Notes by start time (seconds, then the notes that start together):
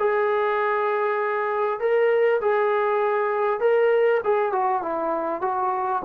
0.00 G#4
1.80 A#4
2.42 G#4
3.61 A#4
4.24 G#4
4.53 F#4
4.83 E4
5.42 F#4